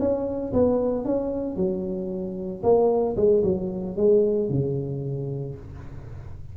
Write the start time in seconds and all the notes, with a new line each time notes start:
0.00 C#4
0.54 B3
1.06 C#4
1.57 F#3
2.63 A#3
3.17 G#3
3.44 F#3
3.97 G#3
4.50 C#3